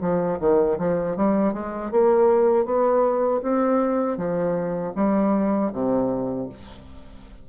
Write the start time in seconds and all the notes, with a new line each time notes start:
0.00 F3
0.39 D#3
0.78 F3
1.16 G3
1.53 G#3
1.91 A#3
2.65 B3
3.42 C4
4.17 F3
4.95 G3
5.73 C3